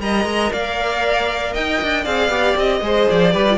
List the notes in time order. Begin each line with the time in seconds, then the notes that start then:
0.00 G3 A#4 D#5 A#5
0.24 G#3
0.52 A#3 D5 F5
1.53 D#4 D#5 G5
1.82 D4
2.02 C4 G#4 D5 F5
2.28 B3 G4
2.56 C4 D#5
2.81 G#3 G#4 C5
3.10 F3 D5
3.32 G3 G4 B4
3.49 F4